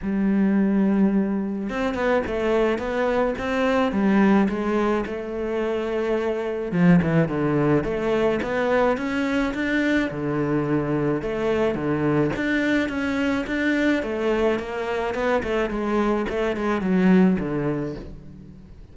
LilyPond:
\new Staff \with { instrumentName = "cello" } { \time 4/4 \tempo 4 = 107 g2. c'8 b8 | a4 b4 c'4 g4 | gis4 a2. | f8 e8 d4 a4 b4 |
cis'4 d'4 d2 | a4 d4 d'4 cis'4 | d'4 a4 ais4 b8 a8 | gis4 a8 gis8 fis4 d4 | }